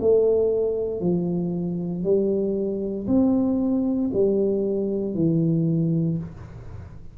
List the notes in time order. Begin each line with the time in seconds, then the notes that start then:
0.00 A3
1.00 F3
2.03 G3
3.07 C4
4.13 G3
5.14 E3